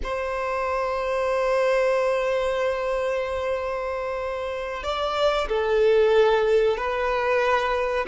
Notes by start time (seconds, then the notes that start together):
0.03 C5
4.83 D5
5.48 A4
6.77 B4